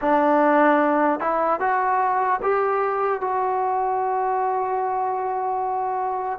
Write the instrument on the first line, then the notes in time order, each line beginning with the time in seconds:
trombone
0.01 D4
1.20 E4
1.60 F#4
2.42 G4
3.20 F#4